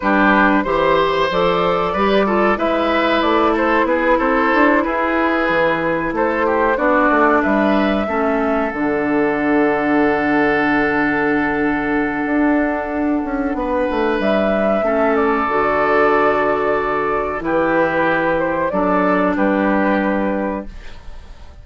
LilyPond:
<<
  \new Staff \with { instrumentName = "flute" } { \time 4/4 \tempo 4 = 93 b'4 c''4 d''2 | e''4 d''8 c''8 b'8 c''4 b'8~ | b'4. c''4 d''4 e''8~ | e''4. fis''2~ fis''8~ |
fis''1~ | fis''2 e''4. d''8~ | d''2. b'4~ | b'8 c''8 d''4 b'2 | }
  \new Staff \with { instrumentName = "oboe" } { \time 4/4 g'4 c''2 b'8 a'8 | b'4. a'8 gis'8 a'4 gis'8~ | gis'4. a'8 g'8 fis'4 b'8~ | b'8 a'2.~ a'8~ |
a'1~ | a'4 b'2 a'4~ | a'2. g'4~ | g'4 a'4 g'2 | }
  \new Staff \with { instrumentName = "clarinet" } { \time 4/4 d'4 g'4 a'4 g'8 f'8 | e'1~ | e'2~ e'8 d'4.~ | d'8 cis'4 d'2~ d'8~ |
d'1~ | d'2. cis'4 | fis'2. e'4~ | e'4 d'2. | }
  \new Staff \with { instrumentName = "bassoon" } { \time 4/4 g4 e4 f4 g4 | gis4 a4 b8 c'8 d'8 e'8~ | e'8 e4 a4 b8 a8 g8~ | g8 a4 d2~ d8~ |
d2. d'4~ | d'8 cis'8 b8 a8 g4 a4 | d2. e4~ | e4 fis4 g2 | }
>>